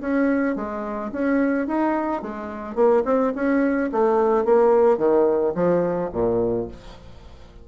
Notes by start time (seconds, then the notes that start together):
0.00 C#4
0.56 G#3
1.12 C#4
1.67 D#4
2.22 G#3
2.75 A#3
3.05 C4
3.35 C#4
3.92 A3
4.44 A#3
4.97 D#3
5.54 F3
6.12 A#2